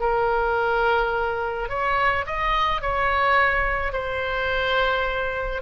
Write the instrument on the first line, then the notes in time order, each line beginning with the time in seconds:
oboe
0.00 A#4
1.69 C#5
2.26 D#5
2.81 C#5
3.93 C5